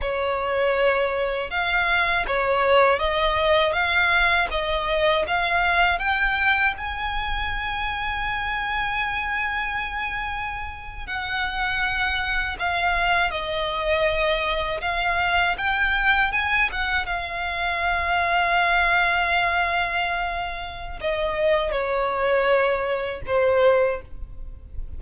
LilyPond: \new Staff \with { instrumentName = "violin" } { \time 4/4 \tempo 4 = 80 cis''2 f''4 cis''4 | dis''4 f''4 dis''4 f''4 | g''4 gis''2.~ | gis''2~ gis''8. fis''4~ fis''16~ |
fis''8. f''4 dis''2 f''16~ | f''8. g''4 gis''8 fis''8 f''4~ f''16~ | f''1 | dis''4 cis''2 c''4 | }